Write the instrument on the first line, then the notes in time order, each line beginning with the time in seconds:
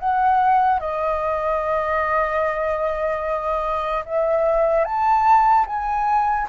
flute
0.00 F#5
0.80 D#5
4.06 E5
4.85 A5
5.67 G#5